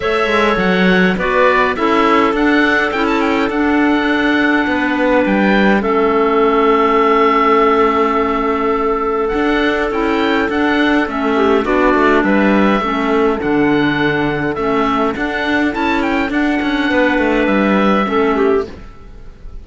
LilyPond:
<<
  \new Staff \with { instrumentName = "oboe" } { \time 4/4 \tempo 4 = 103 e''4 fis''4 d''4 e''4 | fis''4 g''16 a''16 g''8 fis''2~ | fis''4 g''4 e''2~ | e''1 |
fis''4 g''4 fis''4 e''4 | d''4 e''2 fis''4~ | fis''4 e''4 fis''4 a''8 g''8 | fis''2 e''2 | }
  \new Staff \with { instrumentName = "clarinet" } { \time 4/4 cis''2 b'4 a'4~ | a'1 | b'2 a'2~ | a'1~ |
a'2.~ a'8 g'8 | fis'4 b'4 a'2~ | a'1~ | a'4 b'2 a'8 g'8 | }
  \new Staff \with { instrumentName = "clarinet" } { \time 4/4 a'2 fis'4 e'4 | d'4 e'4 d'2~ | d'2 cis'2~ | cis'1 |
d'4 e'4 d'4 cis'4 | d'2 cis'4 d'4~ | d'4 cis'4 d'4 e'4 | d'2. cis'4 | }
  \new Staff \with { instrumentName = "cello" } { \time 4/4 a8 gis8 fis4 b4 cis'4 | d'4 cis'4 d'2 | b4 g4 a2~ | a1 |
d'4 cis'4 d'4 a4 | b8 a8 g4 a4 d4~ | d4 a4 d'4 cis'4 | d'8 cis'8 b8 a8 g4 a4 | }
>>